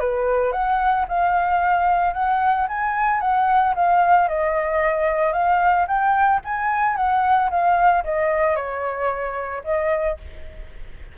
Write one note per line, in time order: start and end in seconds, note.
0.00 0.52 B4
0.52 1.06 F#5
1.08 2.14 F5
2.14 2.67 F#5
2.68 3.21 G#5
3.21 3.74 F#5
3.75 4.28 F5
4.28 5.33 D#5
5.33 5.87 F5
5.87 6.41 G5
6.45 6.96 G#5
6.96 7.50 F#5
7.50 8.04 F5
8.05 8.56 D#5
8.56 9.63 C#5
9.64 10.18 D#5